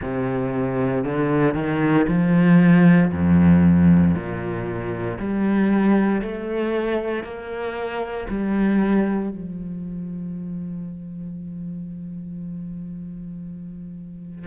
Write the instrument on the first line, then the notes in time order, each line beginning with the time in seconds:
cello
0.01 C3
1.04 D3
1.54 D#3
2.08 F3
3.11 F2
4.14 A#2
5.18 G3
6.21 A3
7.23 A#3
8.28 G3
9.30 F3